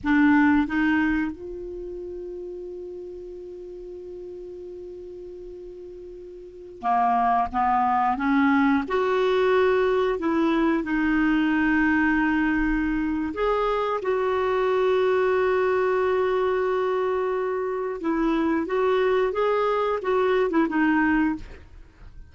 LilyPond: \new Staff \with { instrumentName = "clarinet" } { \time 4/4 \tempo 4 = 90 d'4 dis'4 f'2~ | f'1~ | f'2~ f'16 ais4 b8.~ | b16 cis'4 fis'2 e'8.~ |
e'16 dis'2.~ dis'8. | gis'4 fis'2.~ | fis'2. e'4 | fis'4 gis'4 fis'8. e'16 dis'4 | }